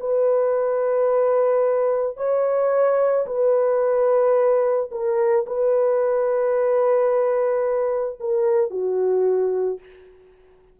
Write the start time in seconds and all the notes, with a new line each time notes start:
0.00 B4
2.17 C#5
3.26 B4
4.91 A#4
5.46 B4
8.20 A#4
8.70 F#4